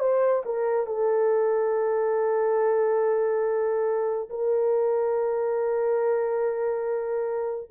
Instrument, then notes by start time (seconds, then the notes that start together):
horn
0.00 C5
0.46 A#4
0.86 A4
4.30 A#4